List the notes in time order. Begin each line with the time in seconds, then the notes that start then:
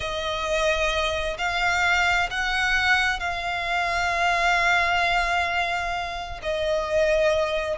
0.00 D#5
1.37 F5
2.30 F#5
3.19 F5
6.42 D#5